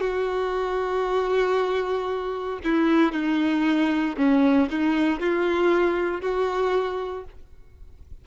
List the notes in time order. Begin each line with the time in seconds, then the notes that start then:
0.00 F#4
2.63 E4
3.12 D#4
4.17 C#4
4.70 D#4
5.20 F4
6.21 F#4